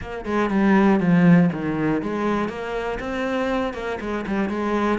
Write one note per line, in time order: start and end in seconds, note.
0.01 0.25 A#3
0.25 0.50 G#3
0.50 1.00 G3
1.00 1.50 F3
1.52 2.02 D#3
2.02 2.48 G#3
2.48 2.98 A#3
2.99 3.73 C4
3.73 3.98 A#3
4.00 4.25 G#3
4.26 4.49 G3
4.49 4.98 G#3